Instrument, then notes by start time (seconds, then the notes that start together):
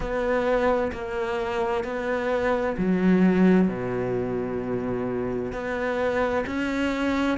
cello
0.00 B3
0.92 A#3
1.83 B3
2.77 F#3
3.68 B2
5.52 B3
6.46 C#4